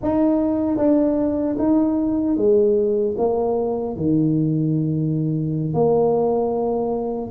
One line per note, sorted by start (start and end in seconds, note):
0.02 0.77 D#4
0.77 1.56 D4
1.58 2.36 D#4
2.36 3.15 G#3
3.17 3.96 A#3
3.96 5.73 D#3
5.73 7.30 A#3